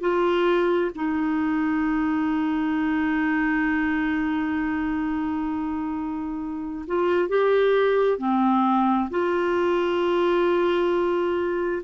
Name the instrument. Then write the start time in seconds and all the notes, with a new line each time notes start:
clarinet
0.00 F4
0.95 D#4
6.87 F4
7.29 G4
8.18 C4
9.10 F4